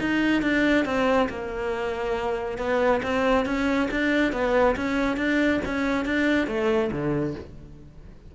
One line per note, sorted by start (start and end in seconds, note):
0.00 0.42 D#4
0.42 0.85 D4
0.85 1.29 C4
1.29 2.58 A#3
2.58 3.01 B3
3.03 3.46 C4
3.46 3.89 C#4
3.91 4.33 D4
4.33 4.76 B3
4.76 5.17 C#4
5.17 5.60 D4
5.65 6.05 C#4
6.05 6.47 D4
6.47 6.90 A3
6.92 7.35 D3